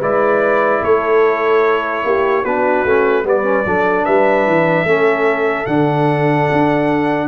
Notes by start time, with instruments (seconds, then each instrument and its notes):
0.00 tuba G#3, trombone E4, horn B4, trumpet D5
0.82 tuba A3, horn A4, trumpet C#5
2.04 tuba A#3, horn G4
2.43 tuba B3, trombone D4, horn F#4, trumpet B4
2.84 tuba A3, trombone C#4
3.23 tuba G3, trombone B3, horn B4, trumpet D5
3.43 trombone C#4
3.65 tuba F#3, trombone D4, horn A4
4.05 tuba G3, horn B4, trumpet E5
4.47 tuba E3
4.84 tuba A3, trombone C#4, horn A4
5.66 tuba D3, trombone D4, trumpet F#5
6.52 tuba D4